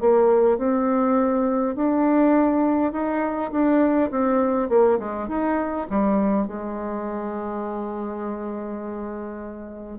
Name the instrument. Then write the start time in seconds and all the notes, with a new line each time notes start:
bassoon
0.00 A#3
0.58 C4
1.75 D4
2.93 D#4
3.52 D4
4.11 C4
4.70 A#3
4.99 G#3
5.28 D#4
5.90 G3
6.48 G#3